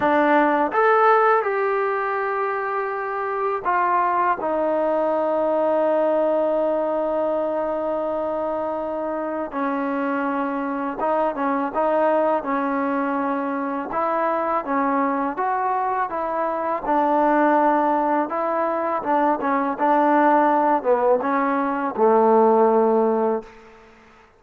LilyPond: \new Staff \with { instrumentName = "trombone" } { \time 4/4 \tempo 4 = 82 d'4 a'4 g'2~ | g'4 f'4 dis'2~ | dis'1~ | dis'4 cis'2 dis'8 cis'8 |
dis'4 cis'2 e'4 | cis'4 fis'4 e'4 d'4~ | d'4 e'4 d'8 cis'8 d'4~ | d'8 b8 cis'4 a2 | }